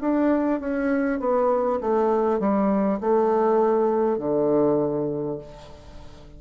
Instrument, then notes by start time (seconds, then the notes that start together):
bassoon
0.00 D4
0.60 C#4
1.19 B3
1.80 A3
2.39 G3
3.00 A3
4.18 D3